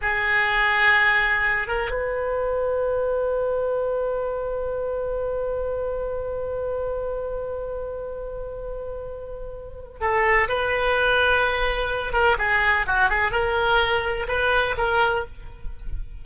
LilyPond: \new Staff \with { instrumentName = "oboe" } { \time 4/4 \tempo 4 = 126 gis'2.~ gis'8 ais'8 | b'1~ | b'1~ | b'1~ |
b'1~ | b'4 a'4 b'2~ | b'4. ais'8 gis'4 fis'8 gis'8 | ais'2 b'4 ais'4 | }